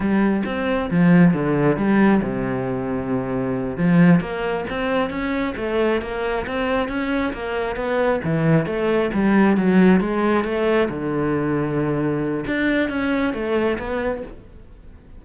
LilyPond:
\new Staff \with { instrumentName = "cello" } { \time 4/4 \tempo 4 = 135 g4 c'4 f4 d4 | g4 c2.~ | c8 f4 ais4 c'4 cis'8~ | cis'8 a4 ais4 c'4 cis'8~ |
cis'8 ais4 b4 e4 a8~ | a8 g4 fis4 gis4 a8~ | a8 d2.~ d8 | d'4 cis'4 a4 b4 | }